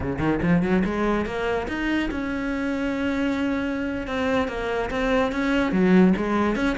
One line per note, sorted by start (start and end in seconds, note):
0.00 0.19 C#3
0.19 0.39 D#3
0.42 0.62 F3
0.62 0.83 F#3
0.84 1.25 G#3
1.25 1.67 A#3
1.68 2.09 D#4
2.10 4.07 C#4
4.07 4.48 C4
4.48 4.89 A#3
4.90 5.32 C4
5.32 5.72 C#4
5.72 6.13 F#3
6.16 6.55 G#3
6.55 6.76 C#4